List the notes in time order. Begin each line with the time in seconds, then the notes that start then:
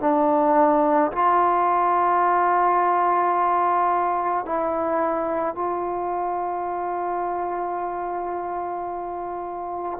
0.00 D4
1.12 F4
4.45 E4
5.55 F4